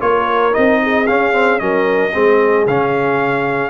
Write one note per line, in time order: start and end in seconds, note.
0.00 0.55 A#3
0.00 0.53 F4
0.00 0.81 A#4
0.00 0.54 C#5
0.53 1.08 C4
0.53 1.06 D#4
0.53 1.06 D#5
0.82 1.62 G#4
1.06 1.32 C#4
1.06 1.61 C#4
1.06 1.59 F5
1.32 1.59 C4
1.59 2.14 F#3
1.59 2.12 C#4
1.59 2.12 A#4
1.59 2.65 D#5
2.12 2.66 G#3
2.12 2.66 C4
2.12 3.70 G#4
2.66 3.70 C#3
2.66 3.70 C#4
2.66 3.70 F5